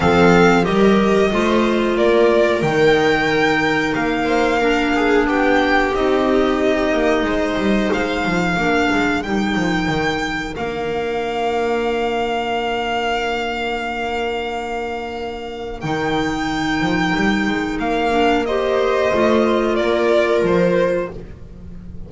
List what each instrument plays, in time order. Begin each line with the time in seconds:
0.00 double bass F3, clarinet C4, viola A4, violin F5
0.63 double bass G3, clarinet G4, viola A#4, violin D#5
1.32 double bass A3, clarinet F4, viola C5
1.97 double bass A#3, viola A#4, violin D5
2.61 double bass D#3, clarinet D#4, violin G5
3.94 double bass A#3, violin F5
4.24 viola C5
4.60 clarinet D4, viola A#4
4.95 viola G#4
5.26 double bass B3, viola G4, violin G5
5.94 double bass C4, clarinet D#4, violin D#5
6.93 double bass A#3
7.23 double bass G#3, viola C5
7.57 double bass G3
7.92 double bass G#3, violin F5
8.25 double bass F3
8.53 double bass A#3, clarinet D4, viola A#4
8.92 double bass G#3
9.22 double bass G3, clarinet D#4, violin G5
9.55 double bass F3
9.88 double bass D#3
10.54 double bass A#3, clarinet D4, violin F5
15.80 double bass D#3, clarinet D#4, violin G5
16.80 double bass F3
17.15 double bass G3
17.47 double bass G#3
17.79 double bass A#3, violin F5
18.11 clarinet D4
18.45 clarinet G4, viola C5, violin D#5
19.13 double bass A3, clarinet F4
19.75 double bass A#3, viola A#4, violin D5
20.42 double bass F3, violin C5